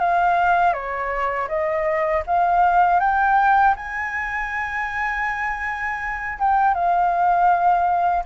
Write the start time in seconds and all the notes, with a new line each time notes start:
0.00 F5
0.73 C#5
1.48 D#5
2.27 F5
3.00 G5
3.76 G#5
6.40 G5
6.75 F5